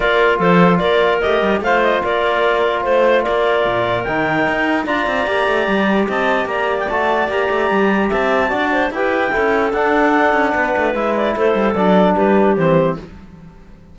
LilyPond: <<
  \new Staff \with { instrumentName = "clarinet" } { \time 4/4 \tempo 4 = 148 d''4 c''4 d''4 dis''4 | f''8 dis''8 d''2 c''4 | d''2 g''2 | ais''2. a''4 |
ais''8. g''16 a''4 ais''2 | a''2 g''2 | fis''2. e''8 d''8 | c''4 d''4 b'4 c''4 | }
  \new Staff \with { instrumentName = "clarinet" } { \time 4/4 ais'4 a'4 ais'2 | c''4 ais'2 c''4 | ais'1 | d''2. dis''4 |
d''1 | e''4 d''8 c''8 b'4 a'4~ | a'2 b'2 | a'2 g'2 | }
  \new Staff \with { instrumentName = "trombone" } { \time 4/4 f'2. g'4 | f'1~ | f'2 dis'2 | f'4 g'2.~ |
g'4 fis'4 g'2~ | g'4 fis'4 g'4 e'4 | d'2. e'4~ | e'4 d'2 c'4 | }
  \new Staff \with { instrumentName = "cello" } { \time 4/4 ais4 f4 ais4 a8 g8 | a4 ais2 a4 | ais4 ais,4 dis4 dis'4 | d'8 c'8 ais8 a8 g4 c'4 |
ais4 a4 ais8 a8 g4 | c'4 d'4 e'4 cis'4 | d'4. cis'8 b8 a8 gis4 | a8 g8 fis4 g4 e4 | }
>>